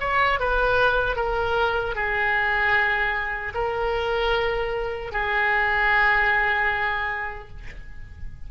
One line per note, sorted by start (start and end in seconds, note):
0.00 0.39 C#5
0.39 1.16 B4
1.16 1.95 A#4
1.95 3.53 G#4
3.54 5.12 A#4
5.12 7.49 G#4